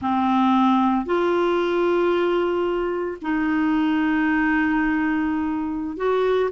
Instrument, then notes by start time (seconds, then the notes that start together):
clarinet
0.01 C4
1.05 F4
3.21 D#4
5.96 F#4